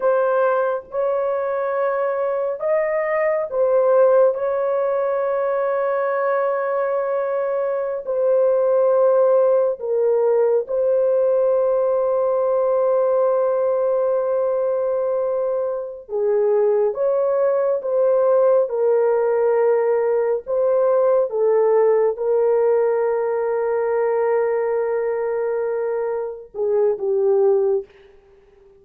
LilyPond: \new Staff \with { instrumentName = "horn" } { \time 4/4 \tempo 4 = 69 c''4 cis''2 dis''4 | c''4 cis''2.~ | cis''4~ cis''16 c''2 ais'8.~ | ais'16 c''2.~ c''8.~ |
c''2~ c''8 gis'4 cis''8~ | cis''8 c''4 ais'2 c''8~ | c''8 a'4 ais'2~ ais'8~ | ais'2~ ais'8 gis'8 g'4 | }